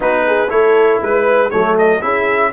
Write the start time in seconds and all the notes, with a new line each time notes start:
0.00 B3 D#4 F#4 B4
0.26 G#4
0.49 A3 E4 A4 C#5
1.01 G#3 B4
1.50 F#3 A3 A4 C#5
1.78 D#5
2.01 C#4 E4 G#4 E5